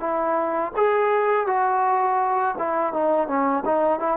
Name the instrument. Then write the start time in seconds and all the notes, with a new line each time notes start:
trombone
0.00 E4
0.77 G#4
1.47 F#4
2.59 E4
2.93 D#4
3.28 C#4
3.66 D#4
4.00 E4